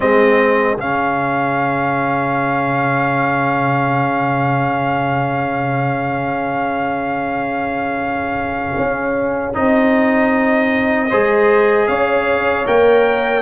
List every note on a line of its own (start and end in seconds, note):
0.00 0.76 G#3
0.00 0.78 C4
0.00 11.08 G#4
0.00 0.78 D#5
0.76 8.75 C#3
0.76 9.53 C#4
0.76 9.55 F5
8.77 9.55 C#4
9.53 11.11 C4
9.53 11.09 D#4
9.53 11.87 D#5
11.08 11.88 G#3
11.08 12.66 G#4
11.08 11.86 C5
11.87 12.66 C#4
11.87 13.41 C#5
11.87 12.65 F5
12.66 13.41 A#3
12.66 13.41 A#4
12.66 13.41 G5